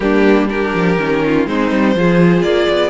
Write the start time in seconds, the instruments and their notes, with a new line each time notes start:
0.00 cello G3, viola A#3, violin D4 G4
0.47 viola D4, violin G4 A#4
0.74 cello F3
0.97 cello D#3, viola C#4
1.24 violin F4
1.46 cello G#3, viola C4, violin D#4 C5
1.70 cello G3
1.95 cello F3, viola F4, violin G#4
2.42 cello A#3, violin D5
2.68 cello B3